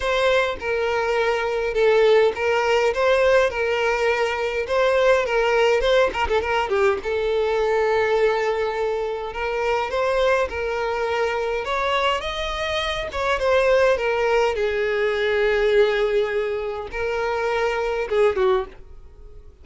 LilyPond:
\new Staff \with { instrumentName = "violin" } { \time 4/4 \tempo 4 = 103 c''4 ais'2 a'4 | ais'4 c''4 ais'2 | c''4 ais'4 c''8 ais'16 a'16 ais'8 g'8 | a'1 |
ais'4 c''4 ais'2 | cis''4 dis''4. cis''8 c''4 | ais'4 gis'2.~ | gis'4 ais'2 gis'8 fis'8 | }